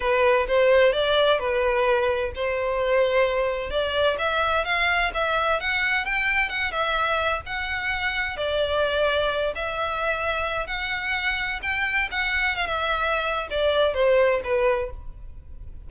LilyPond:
\new Staff \with { instrumentName = "violin" } { \time 4/4 \tempo 4 = 129 b'4 c''4 d''4 b'4~ | b'4 c''2. | d''4 e''4 f''4 e''4 | fis''4 g''4 fis''8 e''4. |
fis''2 d''2~ | d''8 e''2~ e''8 fis''4~ | fis''4 g''4 fis''4 f''16 e''8.~ | e''4 d''4 c''4 b'4 | }